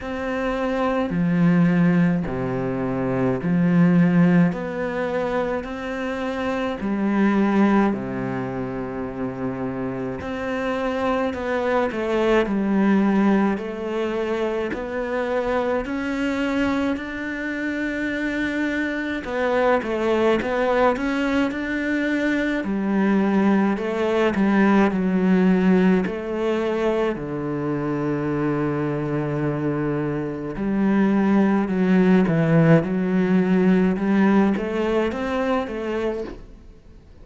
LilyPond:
\new Staff \with { instrumentName = "cello" } { \time 4/4 \tempo 4 = 53 c'4 f4 c4 f4 | b4 c'4 g4 c4~ | c4 c'4 b8 a8 g4 | a4 b4 cis'4 d'4~ |
d'4 b8 a8 b8 cis'8 d'4 | g4 a8 g8 fis4 a4 | d2. g4 | fis8 e8 fis4 g8 a8 c'8 a8 | }